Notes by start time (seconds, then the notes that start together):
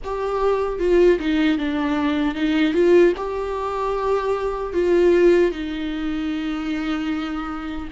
0.04 G4
0.79 F4
1.19 D#4
1.58 D4
2.35 D#4
2.73 F4
3.17 G4
4.73 F4
5.51 D#4